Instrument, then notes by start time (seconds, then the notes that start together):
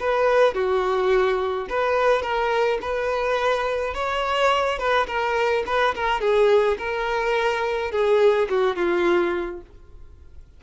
violin
0.00 B4
0.54 F#4
1.69 B4
2.22 A#4
2.81 B4
3.94 C#5
4.78 B4
5.07 A#4
5.66 B4
5.95 A#4
6.21 G#4
6.78 A#4
7.91 G#4
8.49 F#4
8.76 F4